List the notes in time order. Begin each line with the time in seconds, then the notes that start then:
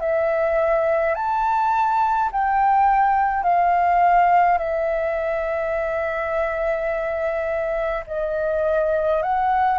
0.00 E5
1.14 A5
2.32 G5
3.43 F5
4.57 E5
8.07 D#5
9.22 F#5